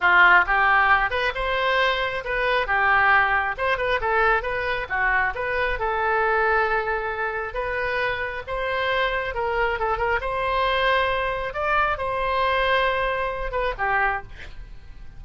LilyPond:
\new Staff \with { instrumentName = "oboe" } { \time 4/4 \tempo 4 = 135 f'4 g'4. b'8 c''4~ | c''4 b'4 g'2 | c''8 b'8 a'4 b'4 fis'4 | b'4 a'2.~ |
a'4 b'2 c''4~ | c''4 ais'4 a'8 ais'8 c''4~ | c''2 d''4 c''4~ | c''2~ c''8 b'8 g'4 | }